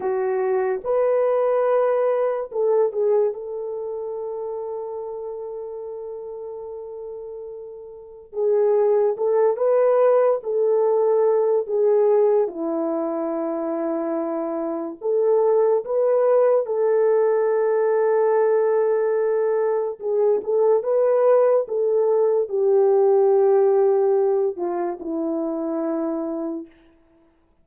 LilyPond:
\new Staff \with { instrumentName = "horn" } { \time 4/4 \tempo 4 = 72 fis'4 b'2 a'8 gis'8 | a'1~ | a'2 gis'4 a'8 b'8~ | b'8 a'4. gis'4 e'4~ |
e'2 a'4 b'4 | a'1 | gis'8 a'8 b'4 a'4 g'4~ | g'4. f'8 e'2 | }